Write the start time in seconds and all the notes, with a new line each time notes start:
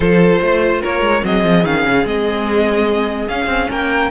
0.00 F3 F4 A4 C5
0.41 A3 C5
0.81 A#3 A#4 C#5
1.01 G#3
1.21 F#3 C4 G#4 D#5
1.44 F3
1.64 D#3 C#4 F5
1.85 C#3
2.05 G#3 C4 D#5
3.28 C#4 F5
3.45 C4
3.69 A#3 A#4 G5